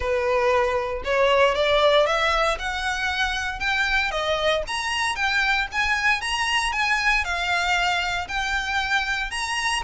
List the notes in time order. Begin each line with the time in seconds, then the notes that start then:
0.00 B4
1.04 C#5
1.54 D5
2.06 E5
2.59 F#5
3.59 G5
4.11 D#5
4.67 A#5
5.15 G5
5.72 G#5
6.21 A#5
6.72 G#5
7.24 F5
8.28 G5
9.30 A#5